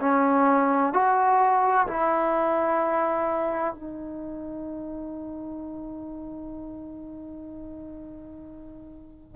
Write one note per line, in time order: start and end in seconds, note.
0.00 0.93 C#4
0.93 1.87 F#4
1.87 3.74 E4
3.74 9.35 D#4